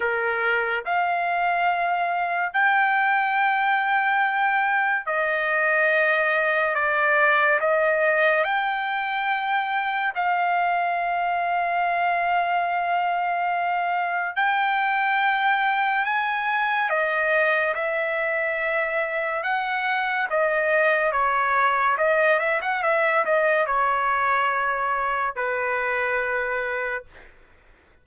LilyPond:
\new Staff \with { instrumentName = "trumpet" } { \time 4/4 \tempo 4 = 71 ais'4 f''2 g''4~ | g''2 dis''2 | d''4 dis''4 g''2 | f''1~ |
f''4 g''2 gis''4 | dis''4 e''2 fis''4 | dis''4 cis''4 dis''8 e''16 fis''16 e''8 dis''8 | cis''2 b'2 | }